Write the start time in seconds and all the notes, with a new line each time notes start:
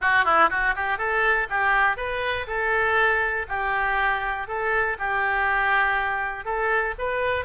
0.01 F#4
0.25 E4
0.50 F#4
0.75 G4
0.98 A4
1.49 G4
1.97 B4
2.47 A4
3.48 G4
4.47 A4
4.98 G4
6.44 A4
6.98 B4